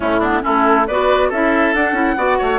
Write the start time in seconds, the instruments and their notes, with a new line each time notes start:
0.00 bassoon A2, clarinet A3, oboe C#4, flute E4
0.19 clarinet B3, oboe D4
0.41 bassoon A3, clarinet C#4, oboe E4, flute A4
0.87 bassoon B3, clarinet F#4, oboe B4, flute D5
1.28 bassoon C#4, clarinet E4, oboe A4, flute E5
1.74 bassoon D4, clarinet D4, flute F#5
1.92 bassoon C#4, clarinet E4
2.16 bassoon B3, clarinet F#4, oboe D5
2.38 bassoon A3, oboe C#5